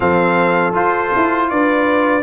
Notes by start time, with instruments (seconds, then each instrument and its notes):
0.00 tuba F3, trombone C4, horn A4, trumpet F5
0.72 trombone F4, tuba F4, trumpet C5
1.15 tuba E4
1.49 tuba D4, horn B4, trumpet D5